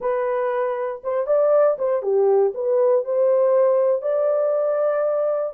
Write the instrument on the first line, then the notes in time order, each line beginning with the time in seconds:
horn
0.00 B4
1.03 C5
1.26 D5
1.78 C5
2.02 G4
2.54 B4
3.04 C5
4.02 D5